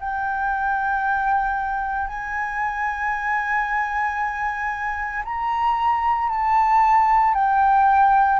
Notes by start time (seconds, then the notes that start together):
0.00 G5
2.08 G#5
5.25 A#5
6.29 A5
7.34 G5